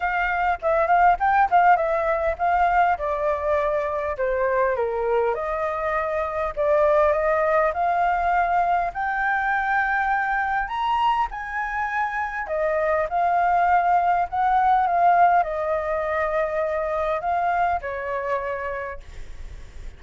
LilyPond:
\new Staff \with { instrumentName = "flute" } { \time 4/4 \tempo 4 = 101 f''4 e''8 f''8 g''8 f''8 e''4 | f''4 d''2 c''4 | ais'4 dis''2 d''4 | dis''4 f''2 g''4~ |
g''2 ais''4 gis''4~ | gis''4 dis''4 f''2 | fis''4 f''4 dis''2~ | dis''4 f''4 cis''2 | }